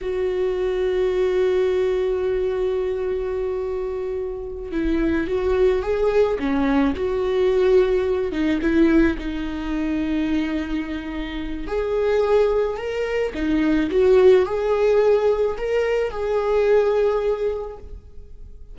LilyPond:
\new Staff \with { instrumentName = "viola" } { \time 4/4 \tempo 4 = 108 fis'1~ | fis'1~ | fis'8 e'4 fis'4 gis'4 cis'8~ | cis'8 fis'2~ fis'8 dis'8 e'8~ |
e'8 dis'2.~ dis'8~ | dis'4 gis'2 ais'4 | dis'4 fis'4 gis'2 | ais'4 gis'2. | }